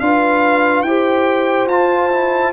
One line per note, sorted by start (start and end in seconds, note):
0.00 0.83 D4
0.00 0.86 F4
0.00 0.88 B4
0.00 0.82 F5
0.82 1.67 E4
0.82 1.71 G4
0.82 2.53 C5
0.82 1.67 G5
1.67 2.52 F4
1.67 2.11 F4
1.67 2.53 A5
2.11 2.53 E4